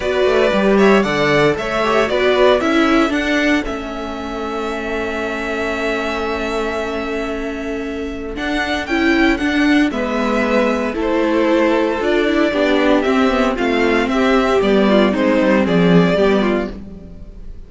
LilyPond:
<<
  \new Staff \with { instrumentName = "violin" } { \time 4/4 \tempo 4 = 115 d''4. e''8 fis''4 e''4 | d''4 e''4 fis''4 e''4~ | e''1~ | e''1 |
fis''4 g''4 fis''4 e''4~ | e''4 c''2 d''4~ | d''4 e''4 f''4 e''4 | d''4 c''4 d''2 | }
  \new Staff \with { instrumentName = "violin" } { \time 4/4 b'4. cis''8 d''4 cis''4 | b'4 a'2.~ | a'1~ | a'1~ |
a'2. b'4~ | b'4 a'2. | g'2 f'4 g'4~ | g'8 f'8 dis'4 gis'4 g'8 f'8 | }
  \new Staff \with { instrumentName = "viola" } { \time 4/4 fis'4 g'4 a'4. g'8 | fis'4 e'4 d'4 cis'4~ | cis'1~ | cis'1 |
d'4 e'4 d'4 b4~ | b4 e'2 f'8 e'8 | d'4 c'8 b8 c'2 | b4 c'2 b4 | }
  \new Staff \with { instrumentName = "cello" } { \time 4/4 b8 a8 g4 d4 a4 | b4 cis'4 d'4 a4~ | a1~ | a1 |
d'4 cis'4 d'4 gis4~ | gis4 a2 d'4 | b4 c'4 a4 c'4 | g4 gis8 g8 f4 g4 | }
>>